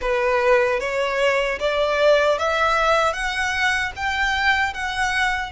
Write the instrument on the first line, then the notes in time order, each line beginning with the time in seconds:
violin
0.01 B4
0.79 C#5
1.59 D5
2.38 E5
3.13 F#5
3.95 G5
4.73 F#5